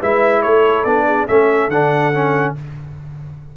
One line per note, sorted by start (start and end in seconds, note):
0.00 0.44 G#3
0.00 0.86 E4
0.00 0.42 B4
0.00 0.42 E5
0.42 0.85 A3
0.42 1.07 A4
0.42 0.84 C#5
0.84 1.27 B3
0.84 1.28 D4
0.84 1.26 D5
1.07 1.28 G#4
1.28 1.69 A3
1.28 1.71 C#4
1.28 2.57 A4
1.28 1.70 E5
1.69 2.53 D3
1.69 2.14 D4
1.69 2.55 F#5
2.14 2.56 C#4